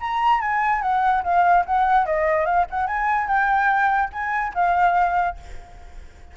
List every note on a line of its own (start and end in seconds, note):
0.00 0.41 A#5
0.41 0.82 G#5
0.82 1.23 F#5
1.23 1.64 F5
1.66 2.06 F#5
2.06 2.45 D#5
2.45 2.66 F5
2.70 2.87 F#5
2.87 3.27 G#5
3.27 4.09 G5
4.12 4.53 G#5
4.54 5.36 F5